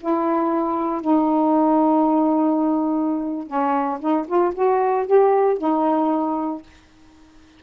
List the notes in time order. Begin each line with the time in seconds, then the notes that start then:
0.00 E4
1.01 D#4
3.47 C#4
4.00 D#4
4.28 F4
4.54 F#4
5.07 G4
5.58 D#4